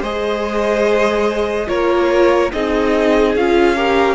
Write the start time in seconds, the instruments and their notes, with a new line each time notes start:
0.00 cello G#3, viola G#4, violin C5 D#5
1.66 cello A#3, viola F4, violin A#4 C#5
2.52 cello C4, viola D#4, violin G#4 D#5
3.35 cello C#4, viola F4, violin F5
3.76 viola G4, violin A#4